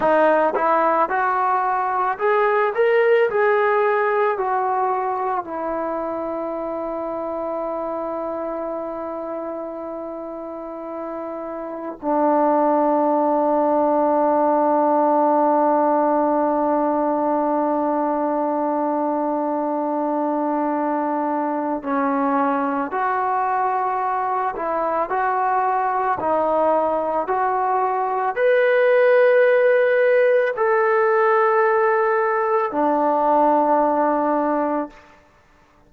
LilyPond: \new Staff \with { instrumentName = "trombone" } { \time 4/4 \tempo 4 = 55 dis'8 e'8 fis'4 gis'8 ais'8 gis'4 | fis'4 e'2.~ | e'2. d'4~ | d'1~ |
d'1 | cis'4 fis'4. e'8 fis'4 | dis'4 fis'4 b'2 | a'2 d'2 | }